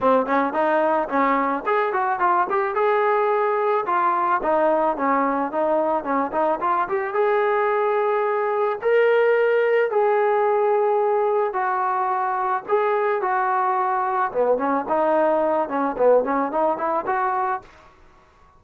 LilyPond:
\new Staff \with { instrumentName = "trombone" } { \time 4/4 \tempo 4 = 109 c'8 cis'8 dis'4 cis'4 gis'8 fis'8 | f'8 g'8 gis'2 f'4 | dis'4 cis'4 dis'4 cis'8 dis'8 | f'8 g'8 gis'2. |
ais'2 gis'2~ | gis'4 fis'2 gis'4 | fis'2 b8 cis'8 dis'4~ | dis'8 cis'8 b8 cis'8 dis'8 e'8 fis'4 | }